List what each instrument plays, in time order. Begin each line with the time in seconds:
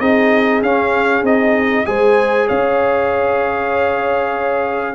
0.00 tuba C4, trombone D#4, horn G#4, trumpet D#5
0.63 tuba C#4, trombone C#4, trumpet F5
1.23 tuba C4, trombone D#4, trumpet D#5
1.86 tuba G#3, trombone G#4, horn C5, trumpet G#5
2.48 tuba C#4, horn C#5, trumpet F5